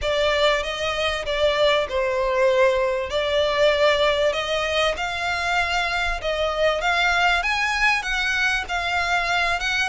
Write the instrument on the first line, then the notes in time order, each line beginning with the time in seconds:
violin
0.01 D5
0.63 D#5
1.25 D5
1.88 C5
3.10 D5
4.32 D#5
4.97 F5
6.21 D#5
6.81 F5
7.42 G#5
8.02 F#5
8.68 F5
9.60 F#5